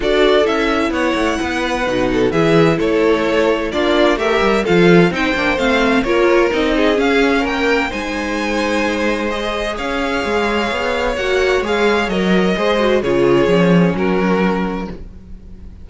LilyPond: <<
  \new Staff \with { instrumentName = "violin" } { \time 4/4 \tempo 4 = 129 d''4 e''4 fis''2~ | fis''4 e''4 cis''2 | d''4 e''4 f''4 g''4 | f''4 cis''4 dis''4 f''4 |
g''4 gis''2. | dis''4 f''2. | fis''4 f''4 dis''2 | cis''2 ais'2 | }
  \new Staff \with { instrumentName = "violin" } { \time 4/4 a'2 cis''4 b'4~ | b'8 a'8 gis'4 a'2 | f'4 ais'4 a'4 c''4~ | c''4 ais'4. gis'4. |
ais'4 c''2.~ | c''4 cis''2.~ | cis''2. c''4 | gis'2 fis'2 | }
  \new Staff \with { instrumentName = "viola" } { \time 4/4 fis'4 e'2. | dis'4 e'2. | d'4 g'4 f'4 dis'8 d'8 | c'4 f'4 dis'4 cis'4~ |
cis'4 dis'2. | gis'1 | fis'4 gis'4 ais'4 gis'8 fis'8 | f'4 cis'2. | }
  \new Staff \with { instrumentName = "cello" } { \time 4/4 d'4 cis'4 b8 a8 b4 | b,4 e4 a2 | ais4 a8 g8 f4 c'8 ais8 | a4 ais4 c'4 cis'4 |
ais4 gis2.~ | gis4 cis'4 gis4 b4 | ais4 gis4 fis4 gis4 | cis4 f4 fis2 | }
>>